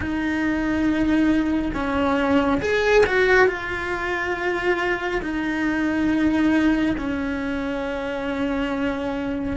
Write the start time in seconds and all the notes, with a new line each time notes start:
0.00 D#4
1.74 C#4
2.61 G#4
3.06 F#4
3.47 F4
5.22 D#4
6.97 C#4